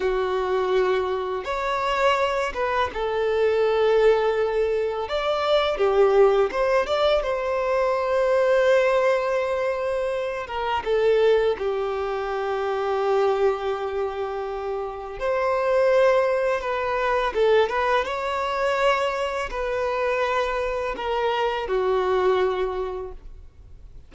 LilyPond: \new Staff \with { instrumentName = "violin" } { \time 4/4 \tempo 4 = 83 fis'2 cis''4. b'8 | a'2. d''4 | g'4 c''8 d''8 c''2~ | c''2~ c''8 ais'8 a'4 |
g'1~ | g'4 c''2 b'4 | a'8 b'8 cis''2 b'4~ | b'4 ais'4 fis'2 | }